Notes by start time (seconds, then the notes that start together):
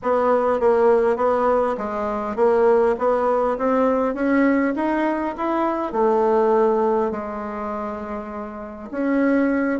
0.02 B3
0.60 A#3
1.16 B3
1.77 G#3
2.36 A#3
2.98 B3
3.58 C4
4.14 C#4
4.75 D#4
5.37 E4
5.92 A3
7.11 G#3
8.91 C#4